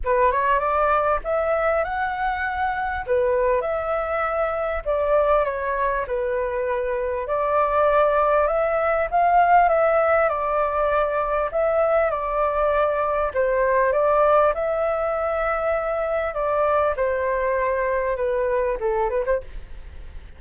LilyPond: \new Staff \with { instrumentName = "flute" } { \time 4/4 \tempo 4 = 99 b'8 cis''8 d''4 e''4 fis''4~ | fis''4 b'4 e''2 | d''4 cis''4 b'2 | d''2 e''4 f''4 |
e''4 d''2 e''4 | d''2 c''4 d''4 | e''2. d''4 | c''2 b'4 a'8 b'16 c''16 | }